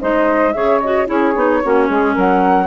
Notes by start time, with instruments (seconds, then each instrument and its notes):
0.00 bassoon G#3, clarinet D#4, saxophone C5, flute D#5
0.52 bassoon C#3, clarinet G#4, saxophone C#5, flute E5
0.80 clarinet F#4, flute D#5
1.06 bassoon C#4, clarinet E4, saxophone G#4, flute C#5
1.35 bassoon B3, clarinet D#4
1.61 bassoon A#3, clarinet C#4, saxophone F#4
1.88 bassoon G#3, saxophone G#4
2.12 bassoon F#3, saxophone A#4, flute F#5